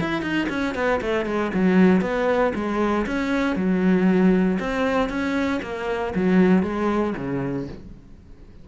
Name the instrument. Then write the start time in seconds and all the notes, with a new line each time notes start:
cello
0.00 E4
0.21 D#4
0.49 C#4
0.75 B3
1.01 A3
1.25 G#3
1.54 F#3
2.01 B3
2.55 G#3
3.06 C#4
3.55 F#3
4.59 C4
5.09 C#4
5.62 A#3
6.15 F#3
6.62 G#3
7.17 C#3